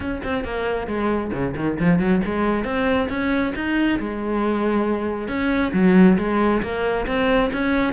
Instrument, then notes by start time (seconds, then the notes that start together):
cello
0.00 C#4
0.23 C4
0.44 A#3
0.87 G#3
1.32 C#3
1.56 D#3
1.79 F3
1.99 F#3
2.25 G#3
2.64 C4
3.09 C#4
3.55 D#4
3.99 G#3
5.28 C#4
5.73 F#3
6.18 G#3
6.62 A#3
7.06 C4
7.52 C#4